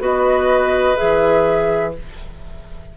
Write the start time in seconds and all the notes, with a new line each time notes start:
0.00 B3 F#4 B4 D#5
0.97 E3 G#4 E5